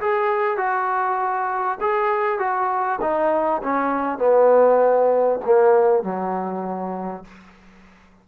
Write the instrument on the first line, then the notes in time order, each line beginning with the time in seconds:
trombone
0.00 G#4
0.57 F#4
1.80 G#4
2.38 F#4
3.01 D#4
3.63 C#4
4.18 B3
5.45 A#3
6.03 F#3